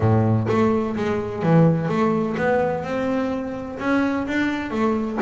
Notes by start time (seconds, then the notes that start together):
0.00 A2
0.48 A3
0.96 G#3
1.42 E3
1.88 A3
2.37 B3
2.84 C4
3.79 C#4
4.27 D4
4.71 A3